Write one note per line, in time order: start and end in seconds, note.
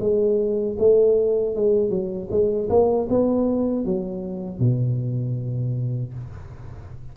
0.00 0.77 G#3
0.79 1.56 A3
1.56 1.90 G#3
1.90 2.29 F#3
2.30 2.69 G#3
2.69 3.08 A#3
3.09 3.85 B3
3.85 4.59 F#3
4.59 6.13 B2